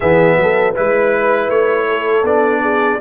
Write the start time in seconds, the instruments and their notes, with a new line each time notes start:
0.00 tuba E3, trombone B3, horn G#4, trumpet E5
0.36 tuba F#3, horn A4
0.74 tuba G#3, trombone E4, horn B4, trumpet B4
1.49 tuba A3, trumpet C#5
1.89 horn A4
2.22 tuba B3, trombone D4, trumpet D5
2.62 horn G#4